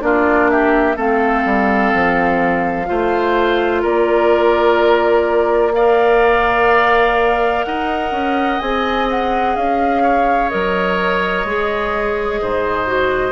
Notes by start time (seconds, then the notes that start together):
0.00 A#3 D4 F4 D5
0.50 G4 E5
0.96 A3 C4 A4 F5
1.45 G3
1.93 F3
2.85 A3 F4 C5
3.82 A#3 A#4 D5
5.73 A#4 D5 F5
7.64 D#4 D#5 F#5
8.11 C#4
8.59 C4 G#4 G#5
9.10 F#5
9.56 C#4 F5
10.02 C#5
10.49 F#3 A#4 D#5
11.44 G#3 G#4
12.41 G#2 C5
12.86 F#4